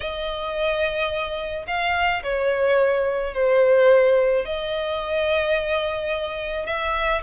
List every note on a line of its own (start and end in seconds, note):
0.00 1.65 D#5
1.67 2.22 F5
2.23 3.34 C#5
3.34 4.45 C5
4.45 6.66 D#5
6.66 7.21 E5